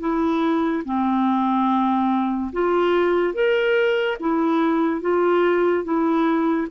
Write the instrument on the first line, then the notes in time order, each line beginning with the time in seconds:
clarinet
0.00 E4
0.85 C4
2.53 F4
3.34 A#4
4.20 E4
5.01 F4
5.84 E4